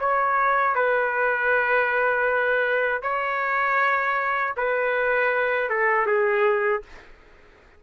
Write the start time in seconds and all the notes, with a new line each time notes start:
0.00 C#5
0.76 B4
3.03 C#5
4.57 B4
5.70 A4
6.07 G#4